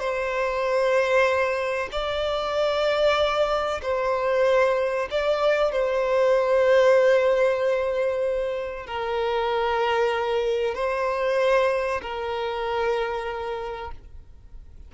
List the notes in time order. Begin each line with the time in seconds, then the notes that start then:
0.00 C5
1.92 D5
3.82 C5
5.11 D5
5.72 C5
8.87 A#4
10.75 C5
12.02 A#4